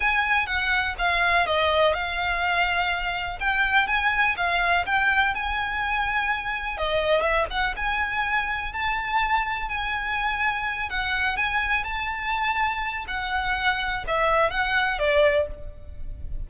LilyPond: \new Staff \with { instrumentName = "violin" } { \time 4/4 \tempo 4 = 124 gis''4 fis''4 f''4 dis''4 | f''2. g''4 | gis''4 f''4 g''4 gis''4~ | gis''2 dis''4 e''8 fis''8 |
gis''2 a''2 | gis''2~ gis''8 fis''4 gis''8~ | gis''8 a''2~ a''8 fis''4~ | fis''4 e''4 fis''4 d''4 | }